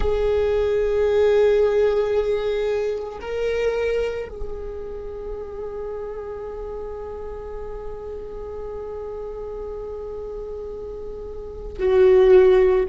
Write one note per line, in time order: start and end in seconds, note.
0.00 3.19 G#4
3.21 4.28 A#4
4.28 11.78 G#4
11.79 12.86 F#4